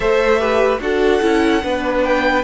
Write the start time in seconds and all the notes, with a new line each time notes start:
0.00 A3 A4 C5 E5
0.39 G4 B4
0.80 D4 F#4 A4 F#5
1.21 C#4 E4
1.62 B3 D4 B4
2.03 G5